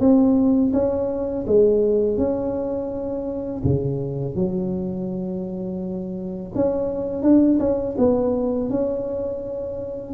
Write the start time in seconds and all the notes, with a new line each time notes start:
0.00 C4
0.73 C#4
1.47 G#3
2.18 C#4
3.64 C#3
4.36 F#3
6.55 C#4
7.23 D4
7.60 C#4
7.98 B3
8.70 C#4